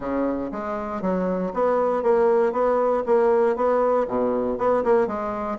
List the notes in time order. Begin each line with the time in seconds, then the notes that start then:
0.00 C#3
0.51 G#3
1.01 F#3
1.53 B3
2.02 A#3
2.52 B3
3.06 A#3
3.56 B3
4.08 B2
4.58 B3
4.84 A#3
5.07 G#3